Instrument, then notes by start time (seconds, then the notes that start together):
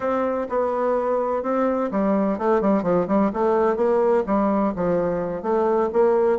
bassoon
0.00 C4
0.49 B3
1.43 C4
1.91 G3
2.38 A3
2.61 G3
2.83 F3
3.07 G3
3.33 A3
3.76 A#3
4.26 G3
4.75 F3
5.42 A3
5.92 A#3